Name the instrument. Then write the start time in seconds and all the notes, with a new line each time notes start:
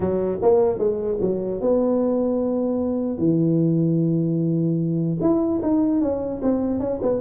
tuba
0.00 F#3
0.42 A#3
0.78 G#3
1.20 F#3
1.60 B3
3.17 E3
5.20 E4
5.62 D#4
6.01 C#4
6.42 C4
6.79 C#4
7.01 B3